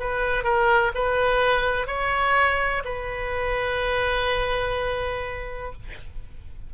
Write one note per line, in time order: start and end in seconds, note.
0.00 0.44 B4
0.44 0.92 A#4
0.95 1.87 B4
1.87 2.83 C#5
2.85 5.73 B4